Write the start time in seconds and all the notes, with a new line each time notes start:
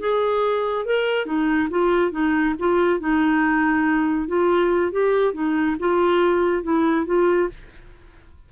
0.00 G#4
0.86 A#4
1.26 D#4
1.70 F4
2.12 D#4
2.59 F4
3.00 D#4
4.28 F4
4.92 G4
5.34 D#4
5.80 F4
6.63 E4
7.06 F4